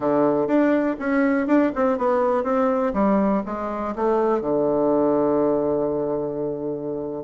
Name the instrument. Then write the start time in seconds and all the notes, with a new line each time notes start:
bassoon
0.00 D3
0.47 D4
0.99 C#4
1.47 D4
1.75 C4
1.97 B3
2.43 C4
2.93 G3
3.45 G#3
3.95 A3
4.41 D3